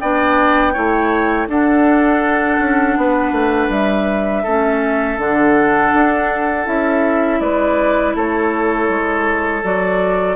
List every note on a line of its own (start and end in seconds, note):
0.00 0.76 B3
0.00 0.74 D4
0.00 0.73 D5
0.00 1.48 G5
0.73 1.48 A3
0.73 1.48 E4
0.73 1.47 C#5
1.48 2.59 D4
1.48 4.45 D4
1.48 2.98 A4
1.48 3.71 F#5
2.59 2.96 C#4
2.97 3.32 B3
2.97 4.43 B4
3.32 3.69 A3
3.69 4.43 G3
3.69 5.19 E5
4.43 5.18 A3
4.43 5.19 C#4
4.43 7.40 A4
5.18 5.92 D3
5.18 6.65 D4
5.18 6.68 F#5
5.93 6.67 D4
6.65 7.40 C#4
6.65 9.61 E4
6.65 7.40 E5
7.40 8.15 G#3
7.40 8.15 B4
7.40 8.14 D5
8.15 8.89 A3
8.15 10.36 A4
8.15 9.65 C#5
8.89 9.63 G#3
9.64 10.36 F#3
9.64 10.36 F#4
9.64 10.36 D5